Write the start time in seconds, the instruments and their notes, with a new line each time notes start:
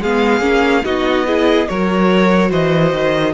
0.00 cello G#3, viola B3, violin G#4 F5
0.40 cello A#3, viola C#4
0.84 cello B3, viola D#4, violin F#4 D#5
1.27 viola E4, violin G#4
1.68 cello F#3, viola F#4, violin A#4 C#5
2.49 cello E3, violin C5 D#5
2.93 cello D#3